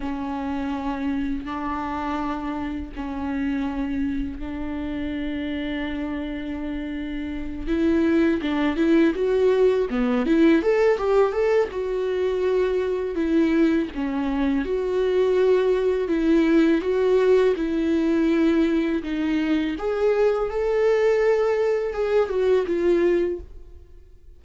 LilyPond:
\new Staff \with { instrumentName = "viola" } { \time 4/4 \tempo 4 = 82 cis'2 d'2 | cis'2 d'2~ | d'2~ d'8 e'4 d'8 | e'8 fis'4 b8 e'8 a'8 g'8 a'8 |
fis'2 e'4 cis'4 | fis'2 e'4 fis'4 | e'2 dis'4 gis'4 | a'2 gis'8 fis'8 f'4 | }